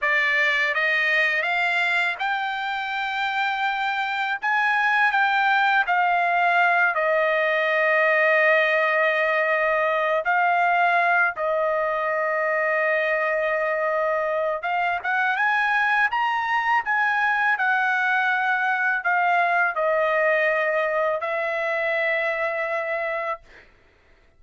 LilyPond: \new Staff \with { instrumentName = "trumpet" } { \time 4/4 \tempo 4 = 82 d''4 dis''4 f''4 g''4~ | g''2 gis''4 g''4 | f''4. dis''2~ dis''8~ | dis''2 f''4. dis''8~ |
dis''1 | f''8 fis''8 gis''4 ais''4 gis''4 | fis''2 f''4 dis''4~ | dis''4 e''2. | }